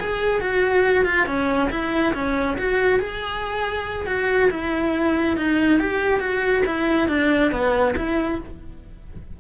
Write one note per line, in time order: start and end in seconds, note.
0.00 0.41 G#4
0.41 1.05 F#4
1.05 1.27 F4
1.27 1.70 C#4
1.71 2.14 E4
2.14 2.57 C#4
2.58 3.00 F#4
3.00 4.07 G#4
4.07 4.50 F#4
4.51 5.37 E4
5.37 5.80 D#4
5.80 6.20 G4
6.20 6.63 F#4
6.66 7.09 E4
7.09 7.51 D4
7.51 7.95 B3
7.97 8.40 E4